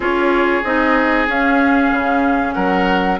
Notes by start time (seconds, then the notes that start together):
0.00 C#4 F4 G#4 C#5
0.63 C4 D#4 D#5
1.27 C#4 F5
1.92 C#3
2.53 F#3 A#4 F#5